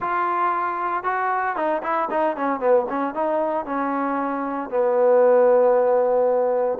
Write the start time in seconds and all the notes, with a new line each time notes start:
0.00 F4
1.03 F#4
1.55 D#4
1.83 E4
2.10 D#4
2.36 C#4
2.59 B3
2.89 C#4
3.14 D#4
3.65 C#4
4.70 B3